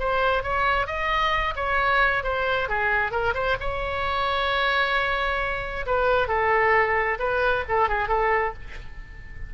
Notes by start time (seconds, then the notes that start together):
0.00 C5
0.44 C#5
0.87 D#5
1.56 C#5
2.24 C5
2.69 G#4
3.12 A#4
3.34 C5
3.61 C#5
5.87 B4
6.28 A4
7.20 B4
7.69 A4
7.89 G#4
8.09 A4